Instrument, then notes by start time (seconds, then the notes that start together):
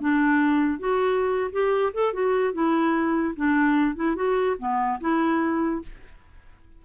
clarinet
0.00 D4
0.79 F#4
1.52 G4
1.94 A4
2.13 F#4
2.53 E4
3.36 D4
3.95 E4
4.15 F#4
4.59 B3
5.00 E4